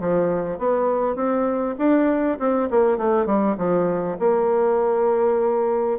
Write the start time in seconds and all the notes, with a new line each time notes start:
0.00 F3
0.59 B3
1.16 C4
1.79 D4
2.39 C4
2.71 A#3
2.98 A3
3.26 G3
3.58 F3
4.19 A#3